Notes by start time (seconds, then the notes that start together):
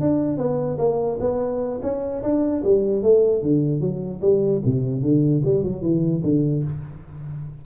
0.00 D4
0.37 B3
0.78 A#3
1.20 B3
1.82 C#4
2.22 D4
2.64 G3
3.03 A3
3.42 D3
3.80 F#3
4.21 G3
4.65 C3
5.02 D3
5.45 G3
5.63 F#3
5.82 E3
6.23 D3